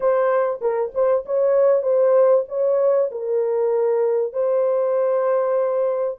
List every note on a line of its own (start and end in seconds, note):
0.00 0.59 C5
0.61 0.92 A#4
0.94 1.25 C5
1.25 1.82 C#5
1.82 2.44 C5
2.48 3.10 C#5
3.11 4.32 A#4
4.32 6.18 C5